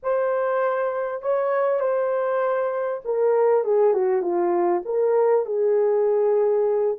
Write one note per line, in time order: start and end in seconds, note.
0.02 1.21 C5
1.21 1.80 C#5
1.80 3.01 C5
3.04 3.64 A#4
3.64 3.93 G#4
3.93 4.21 F#4
4.21 4.82 F4
4.85 5.45 A#4
5.45 6.97 G#4